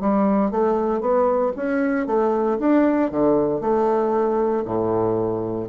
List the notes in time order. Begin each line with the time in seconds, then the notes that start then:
0.00 G3
0.51 A3
1.01 B3
1.56 C#4
2.06 A3
2.60 D4
3.11 D3
3.61 A3
4.65 A2